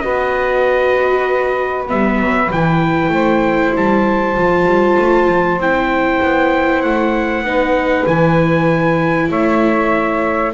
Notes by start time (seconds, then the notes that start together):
0.00 B3 F#4 B4 D#5
1.87 G3 B3 E5
2.20 F#3
2.52 E3 E4 G5
3.09 A3 C5
3.75 G3 A5
4.35 F3 F4
4.66 G3
4.99 A3
5.28 F3
5.58 C4 E4 G5
6.22 B3
6.82 A3 F#5
7.41 B3 D#4 B4
8.06 E3 E4 G#5
9.29 A3 C#5 E5